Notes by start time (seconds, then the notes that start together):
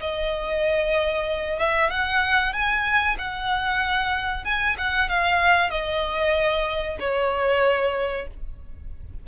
0.00 D#5
1.59 E5
1.90 F#5
2.53 G#5
3.18 F#5
4.44 G#5
4.78 F#5
5.09 F5
5.70 D#5
7.00 C#5